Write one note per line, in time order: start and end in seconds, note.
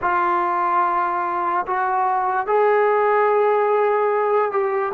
0.01 1.66 F4
1.66 2.47 F#4
2.47 4.51 G#4
4.51 4.92 G4